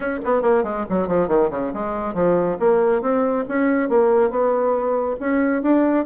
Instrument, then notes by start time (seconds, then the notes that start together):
bassoon
0.00 C#4
0.25 B3
0.42 A#3
0.63 G#3
0.89 F#3
1.07 F3
1.28 D#3
1.50 C#3
1.73 G#3
2.14 F3
2.59 A#3
3.01 C4
3.48 C#4
3.89 A#3
4.30 B3
5.20 C#4
5.62 D4